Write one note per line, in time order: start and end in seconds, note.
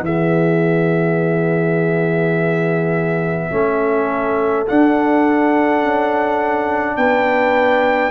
0.00 3.46 E3
0.00 3.50 B3
0.00 3.50 G#4
0.00 4.66 E5
3.50 4.67 A3
3.50 4.66 C#4
3.50 6.96 A4
4.66 8.10 D4
4.66 5.82 D4
4.66 6.96 F#5
5.82 6.96 C#4
6.96 8.10 B3
6.96 8.10 B4
6.96 8.10 G5